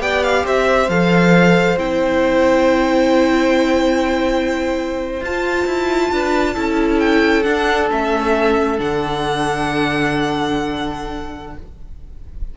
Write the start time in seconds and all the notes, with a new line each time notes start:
0.00 B3 G4 D5 G5
0.24 F5
0.45 C4 C5 E5
0.89 F3 A4 F5
1.78 C4 E4 G5
5.21 F4 A5
5.66 E4
6.11 D4 B4
6.54 C#4 E4 A4
6.99 G5
7.43 D4 F#5
7.91 A3 C#4 E5
8.78 D3 D4 F#5